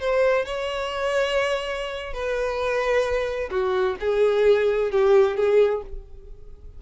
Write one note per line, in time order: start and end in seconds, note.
0.00 0.45 C5
0.45 2.13 C#5
2.13 3.50 B4
3.51 3.96 F#4
4.00 4.91 G#4
4.91 5.37 G4
5.37 5.82 G#4